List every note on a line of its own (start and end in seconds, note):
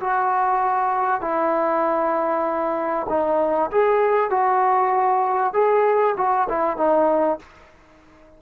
0.00 1.21 F#4
1.21 3.06 E4
3.09 3.71 D#4
3.71 4.30 G#4
4.30 5.53 F#4
5.53 6.15 G#4
6.17 6.48 F#4
6.49 6.77 E4
6.77 7.39 D#4